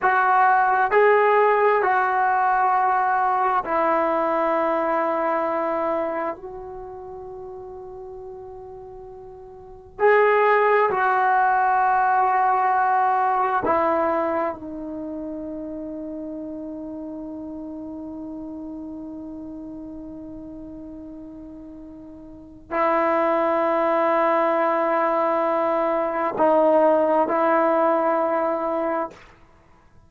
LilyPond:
\new Staff \with { instrumentName = "trombone" } { \time 4/4 \tempo 4 = 66 fis'4 gis'4 fis'2 | e'2. fis'4~ | fis'2. gis'4 | fis'2. e'4 |
dis'1~ | dis'1~ | dis'4 e'2.~ | e'4 dis'4 e'2 | }